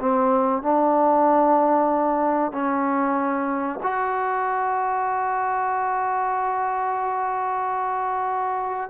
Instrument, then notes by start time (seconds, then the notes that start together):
trombone
0.00 C4
0.63 D4
2.52 C#4
3.83 F#4